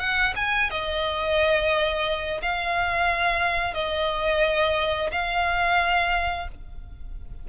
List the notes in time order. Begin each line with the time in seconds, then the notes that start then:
0.00 F#5
0.37 G#5
0.71 D#5
2.42 F5
3.74 D#5
5.12 F5